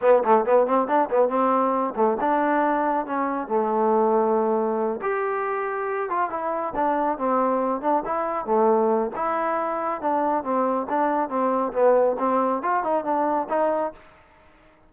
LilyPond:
\new Staff \with { instrumentName = "trombone" } { \time 4/4 \tempo 4 = 138 b8 a8 b8 c'8 d'8 b8 c'4~ | c'8 a8 d'2 cis'4 | a2.~ a8 g'8~ | g'2 f'8 e'4 d'8~ |
d'8 c'4. d'8 e'4 a8~ | a4 e'2 d'4 | c'4 d'4 c'4 b4 | c'4 f'8 dis'8 d'4 dis'4 | }